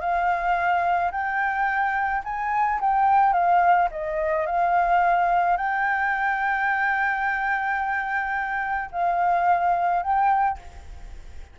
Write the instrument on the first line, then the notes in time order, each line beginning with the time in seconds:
flute
0.00 F5
1.11 G5
2.24 G#5
2.81 G5
3.33 F5
3.91 D#5
4.46 F5
5.57 G5
8.92 F5
10.03 G5